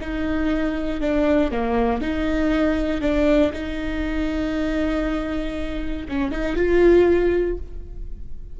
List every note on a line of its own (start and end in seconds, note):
0.00 1.01 D#4
1.01 1.51 D4
1.51 2.01 A#3
2.01 3.01 D#4
3.01 3.52 D4
3.52 6.07 D#4
6.08 6.31 C#4
6.31 6.56 D#4
6.56 7.57 F4